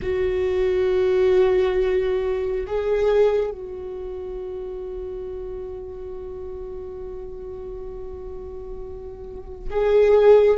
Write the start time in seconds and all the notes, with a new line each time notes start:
0.02 F#4
2.66 G#4
3.51 F#4
9.70 G#4